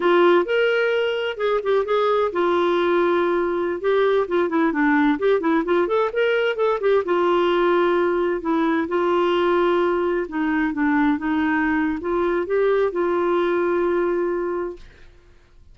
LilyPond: \new Staff \with { instrumentName = "clarinet" } { \time 4/4 \tempo 4 = 130 f'4 ais'2 gis'8 g'8 | gis'4 f'2.~ | f'16 g'4 f'8 e'8 d'4 g'8 e'16~ | e'16 f'8 a'8 ais'4 a'8 g'8 f'8.~ |
f'2~ f'16 e'4 f'8.~ | f'2~ f'16 dis'4 d'8.~ | d'16 dis'4.~ dis'16 f'4 g'4 | f'1 | }